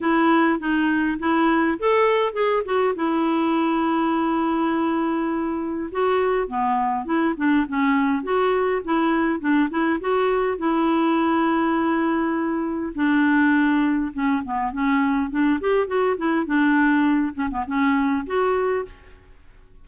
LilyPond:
\new Staff \with { instrumentName = "clarinet" } { \time 4/4 \tempo 4 = 102 e'4 dis'4 e'4 a'4 | gis'8 fis'8 e'2.~ | e'2 fis'4 b4 | e'8 d'8 cis'4 fis'4 e'4 |
d'8 e'8 fis'4 e'2~ | e'2 d'2 | cis'8 b8 cis'4 d'8 g'8 fis'8 e'8 | d'4. cis'16 b16 cis'4 fis'4 | }